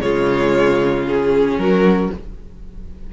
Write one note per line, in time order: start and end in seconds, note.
0.00 1.57 C#3
0.00 1.07 G#3
0.00 1.60 F4
0.00 1.05 C#5
1.07 2.13 C#4
1.07 1.58 G#4
1.57 2.10 F#3
1.57 2.13 F#4
1.57 2.11 A#4